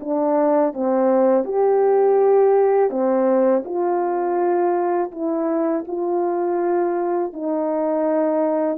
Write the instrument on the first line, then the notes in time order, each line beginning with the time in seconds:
horn
0.00 D4
0.73 C4
1.45 G4
2.90 C4
3.65 F4
5.11 E4
5.87 F4
7.33 D#4